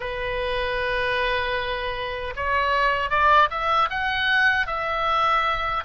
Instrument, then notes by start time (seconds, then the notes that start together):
oboe
0.00 B4
2.36 C#5
3.10 D5
3.50 E5
3.90 F#5
4.66 E5